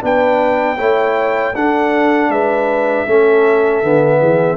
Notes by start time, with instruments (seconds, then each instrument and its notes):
0.00 tuba B3, trombone D4, horn B4, trumpet G5
0.77 tuba A3, trombone E4, horn C#5
1.54 tuba D4, trombone D4, horn A4, trumpet F#5
2.28 tuba G#3, horn B4, trumpet E5
3.06 tuba A3, trombone C#4, horn A4
3.82 tuba D3, trombone B3
4.19 tuba E3, horn G#4